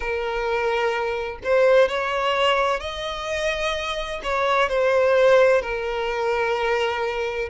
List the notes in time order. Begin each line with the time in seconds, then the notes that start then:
0.00 A#4
1.43 C5
1.88 C#5
2.80 D#5
4.23 C#5
4.68 C5
5.61 A#4